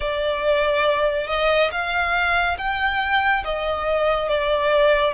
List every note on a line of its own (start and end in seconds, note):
0.00 1.27 D5
1.27 1.70 D#5
1.71 2.57 F5
2.58 3.43 G5
3.44 4.28 D#5
4.28 5.14 D5